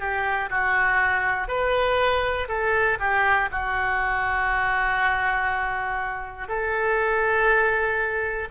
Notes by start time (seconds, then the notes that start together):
0.00 G4
0.50 F#4
1.49 B4
2.49 A4
3.00 G4
3.52 F#4
6.49 A4